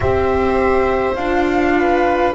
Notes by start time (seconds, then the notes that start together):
0.00 C4 G4 C5 E5
1.15 D4 F4 F5
1.78 B4